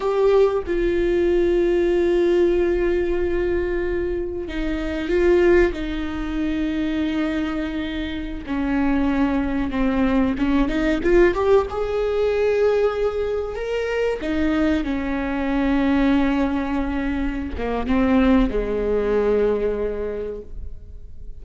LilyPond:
\new Staff \with { instrumentName = "viola" } { \time 4/4 \tempo 4 = 94 g'4 f'2.~ | f'2. dis'4 | f'4 dis'2.~ | dis'4~ dis'16 cis'2 c'8.~ |
c'16 cis'8 dis'8 f'8 g'8 gis'4.~ gis'16~ | gis'4~ gis'16 ais'4 dis'4 cis'8.~ | cis'2.~ cis'8 ais8 | c'4 gis2. | }